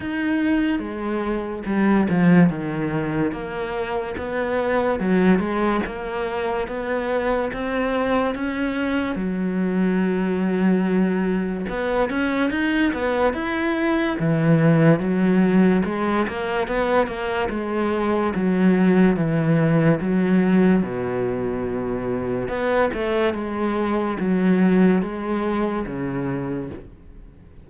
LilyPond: \new Staff \with { instrumentName = "cello" } { \time 4/4 \tempo 4 = 72 dis'4 gis4 g8 f8 dis4 | ais4 b4 fis8 gis8 ais4 | b4 c'4 cis'4 fis4~ | fis2 b8 cis'8 dis'8 b8 |
e'4 e4 fis4 gis8 ais8 | b8 ais8 gis4 fis4 e4 | fis4 b,2 b8 a8 | gis4 fis4 gis4 cis4 | }